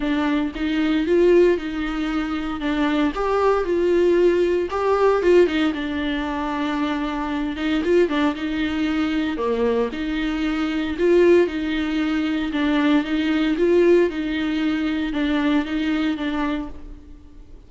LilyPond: \new Staff \with { instrumentName = "viola" } { \time 4/4 \tempo 4 = 115 d'4 dis'4 f'4 dis'4~ | dis'4 d'4 g'4 f'4~ | f'4 g'4 f'8 dis'8 d'4~ | d'2~ d'8 dis'8 f'8 d'8 |
dis'2 ais4 dis'4~ | dis'4 f'4 dis'2 | d'4 dis'4 f'4 dis'4~ | dis'4 d'4 dis'4 d'4 | }